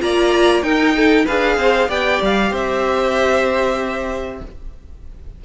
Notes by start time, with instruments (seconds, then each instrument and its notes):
0.00 cello A#3, viola F4, violin D5 A#5
0.62 cello D#4, viola D#4, violin A#4 G5
0.97 violin A4
1.25 cello D4, viola G#4, violin B4 F5
1.57 cello C4, violin C5
1.89 cello B3, viola G4, violin D5 G5
2.22 cello G3, violin F5
2.51 cello C4, violin C5 E5